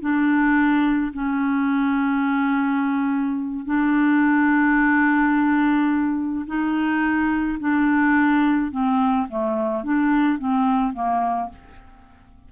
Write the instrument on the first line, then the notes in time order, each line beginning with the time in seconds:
clarinet
0.00 D4
1.13 C#4
3.65 D4
6.46 D#4
7.59 D4
8.71 C4
9.28 A3
9.83 D4
10.38 C4
10.93 A#3